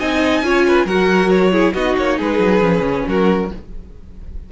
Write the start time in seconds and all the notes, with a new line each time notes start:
0.00 C4 D#4 D#5 G#5
0.43 C#4 F4 C#5
0.68 B4
0.85 F#3 F#4 A#4 F#5
1.30 C#5
1.52 E4 G#4
1.74 B3 D#4 F#4 D#5
1.97 A#3 C#5
2.18 G#3 G#4 B4
2.39 F#3
2.61 F3 C#4
2.80 C#3
3.08 F#3 F#4 A#4